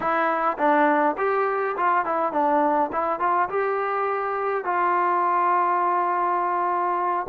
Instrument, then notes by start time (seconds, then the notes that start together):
trombone
0.00 E4
0.57 D4
1.17 G4
1.76 F4
2.05 E4
2.32 D4
2.92 E4
3.19 F4
3.49 G4
4.64 F4